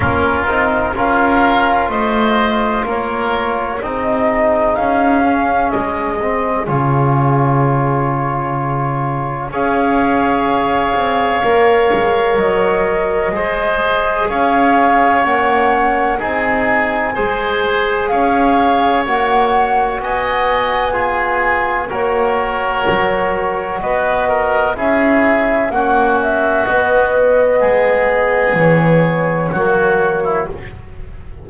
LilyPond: <<
  \new Staff \with { instrumentName = "flute" } { \time 4/4 \tempo 4 = 63 ais'4 f''4 dis''4 cis''4 | dis''4 f''4 dis''4 cis''4~ | cis''2 f''2~ | f''4 dis''2 f''4 |
fis''4 gis''2 f''4 | fis''4 gis''2 cis''4~ | cis''4 dis''4 e''4 fis''8 e''8 | dis''2 cis''2 | }
  \new Staff \with { instrumentName = "oboe" } { \time 4/4 f'4 ais'4 c''4 ais'4 | gis'1~ | gis'2 cis''2~ | cis''2 c''4 cis''4~ |
cis''4 gis'4 c''4 cis''4~ | cis''4 dis''4 gis'4 ais'4~ | ais'4 b'8 ais'8 gis'4 fis'4~ | fis'4 gis'2 fis'8. e'16 | }
  \new Staff \with { instrumentName = "trombone" } { \time 4/4 cis'8 dis'8 f'2. | dis'4. cis'4 c'8 f'4~ | f'2 gis'2 | ais'2 gis'2 |
cis'4 dis'4 gis'2 | fis'2 f'4 fis'4~ | fis'2 e'4 cis'4 | b2. ais4 | }
  \new Staff \with { instrumentName = "double bass" } { \time 4/4 ais8 c'8 cis'4 a4 ais4 | c'4 cis'4 gis4 cis4~ | cis2 cis'4. c'8 | ais8 gis8 fis4 gis4 cis'4 |
ais4 c'4 gis4 cis'4 | ais4 b2 ais4 | fis4 b4 cis'4 ais4 | b4 gis4 e4 fis4 | }
>>